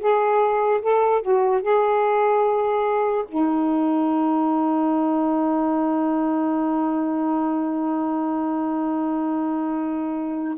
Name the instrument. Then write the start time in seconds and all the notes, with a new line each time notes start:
saxophone
0.00 G#4
0.82 A4
1.22 F#4
1.63 G#4
3.28 D#4